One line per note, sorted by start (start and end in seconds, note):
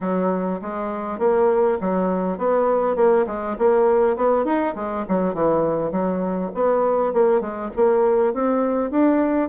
0.01 0.60 F#3
0.61 1.18 G#3
1.18 1.78 A#3
1.81 2.38 F#3
2.38 2.96 B3
2.96 3.25 A#3
3.26 3.56 G#3
3.58 4.16 A#3
4.16 4.44 B3
4.44 4.74 D#4
4.75 5.05 G#3
5.08 5.34 F#3
5.34 5.91 E3
5.91 6.50 F#3
6.54 7.13 B3
7.13 7.40 A#3
7.40 7.70 G#3
7.76 8.33 A#3
8.33 8.90 C4
8.90 9.49 D4